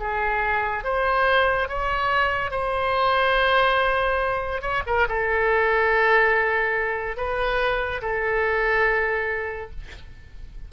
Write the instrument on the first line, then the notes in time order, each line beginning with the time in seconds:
oboe
0.00 G#4
0.84 C5
1.69 C#5
2.51 C5
4.62 C#5
4.87 A#4
5.09 A4
7.17 B4
8.02 A4